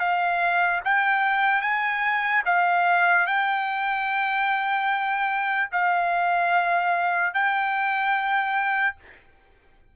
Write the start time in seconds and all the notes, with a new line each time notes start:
0.00 F5
0.85 G5
1.62 G#5
2.46 F5
3.27 G5
5.72 F5
7.34 G5